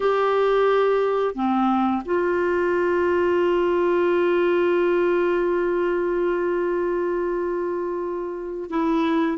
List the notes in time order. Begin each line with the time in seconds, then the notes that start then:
0.00 G4
1.34 C4
2.05 F4
8.70 E4